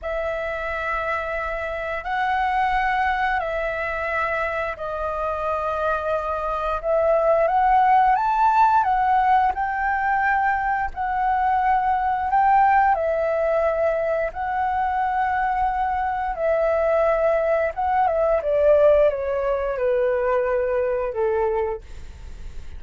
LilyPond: \new Staff \with { instrumentName = "flute" } { \time 4/4 \tempo 4 = 88 e''2. fis''4~ | fis''4 e''2 dis''4~ | dis''2 e''4 fis''4 | a''4 fis''4 g''2 |
fis''2 g''4 e''4~ | e''4 fis''2. | e''2 fis''8 e''8 d''4 | cis''4 b'2 a'4 | }